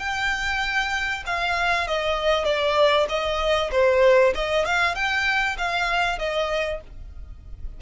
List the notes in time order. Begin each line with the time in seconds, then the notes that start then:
0.00 G5
1.27 F5
1.88 D#5
2.45 D5
3.09 D#5
3.72 C5
4.35 D#5
4.66 F5
4.95 G5
5.58 F5
6.19 D#5